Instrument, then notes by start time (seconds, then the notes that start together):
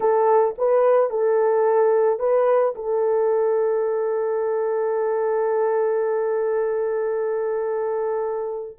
horn
0.00 A4
0.58 B4
1.09 A4
2.19 B4
2.75 A4